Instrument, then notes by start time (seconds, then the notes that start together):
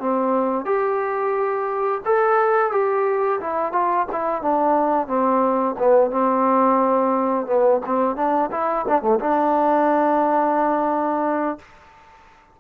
trombone
0.00 C4
0.65 G4
2.05 A4
2.72 G4
3.41 E4
3.73 F4
4.12 E4
4.43 D4
5.07 C4
5.79 B3
6.11 C4
7.47 B3
7.86 C4
8.16 D4
8.52 E4
8.88 D4
9.02 A3
9.20 D4